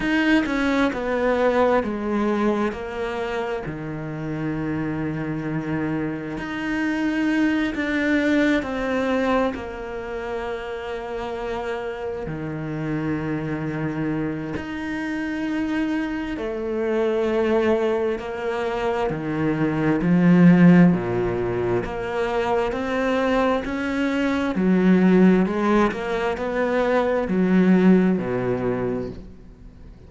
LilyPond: \new Staff \with { instrumentName = "cello" } { \time 4/4 \tempo 4 = 66 dis'8 cis'8 b4 gis4 ais4 | dis2. dis'4~ | dis'8 d'4 c'4 ais4.~ | ais4. dis2~ dis8 |
dis'2 a2 | ais4 dis4 f4 ais,4 | ais4 c'4 cis'4 fis4 | gis8 ais8 b4 fis4 b,4 | }